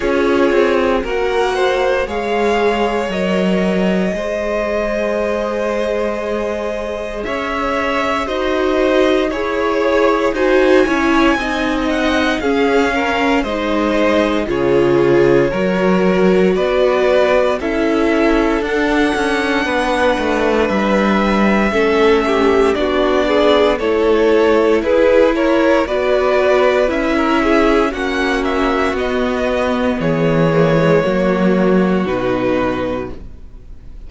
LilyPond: <<
  \new Staff \with { instrumentName = "violin" } { \time 4/4 \tempo 4 = 58 cis''4 fis''4 f''4 dis''4~ | dis''2. e''4 | dis''4 cis''4 gis''4. fis''8 | f''4 dis''4 cis''2 |
d''4 e''4 fis''2 | e''2 d''4 cis''4 | b'8 cis''8 d''4 e''4 fis''8 e''8 | dis''4 cis''2 b'4 | }
  \new Staff \with { instrumentName = "violin" } { \time 4/4 gis'4 ais'8 c''8 cis''2 | c''2. cis''4 | c''4 cis''4 c''8 cis''8 dis''4 | gis'8 ais'8 c''4 gis'4 ais'4 |
b'4 a'2 b'4~ | b'4 a'8 g'8 fis'8 gis'8 a'4 | gis'8 ais'8 b'4~ b'16 ais'16 gis'8 fis'4~ | fis'4 gis'4 fis'2 | }
  \new Staff \with { instrumentName = "viola" } { \time 4/4 f'4 fis'4 gis'4 ais'4 | gis'1 | fis'4 gis'4 fis'8 e'8 dis'4 | cis'4 dis'4 f'4 fis'4~ |
fis'4 e'4 d'2~ | d'4 cis'4 d'4 e'4~ | e'4 fis'4 e'4 cis'4 | b4. ais16 gis16 ais4 dis'4 | }
  \new Staff \with { instrumentName = "cello" } { \time 4/4 cis'8 c'8 ais4 gis4 fis4 | gis2. cis'4 | dis'4 e'4 dis'8 cis'8 c'4 | cis'4 gis4 cis4 fis4 |
b4 cis'4 d'8 cis'8 b8 a8 | g4 a4 b4 a4 | e'4 b4 cis'4 ais4 | b4 e4 fis4 b,4 | }
>>